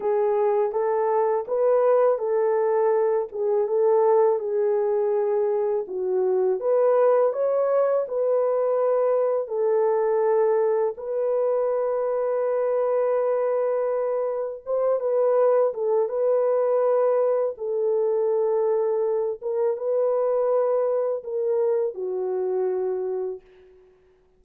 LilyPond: \new Staff \with { instrumentName = "horn" } { \time 4/4 \tempo 4 = 82 gis'4 a'4 b'4 a'4~ | a'8 gis'8 a'4 gis'2 | fis'4 b'4 cis''4 b'4~ | b'4 a'2 b'4~ |
b'1 | c''8 b'4 a'8 b'2 | a'2~ a'8 ais'8 b'4~ | b'4 ais'4 fis'2 | }